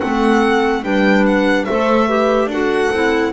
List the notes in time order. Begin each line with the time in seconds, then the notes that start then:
0.00 A3 C4 A4 F#5
0.83 G3 D4 B4 G5
1.26 F#5
1.64 A3 A4 C5 E5
2.07 G4 B4
2.46 D4 F#4 A4 F#5
2.91 C4 E4